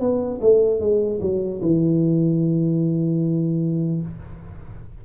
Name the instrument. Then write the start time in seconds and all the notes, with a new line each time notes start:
tuba
0.00 B3
0.41 A3
0.80 G#3
1.21 F#3
1.62 E3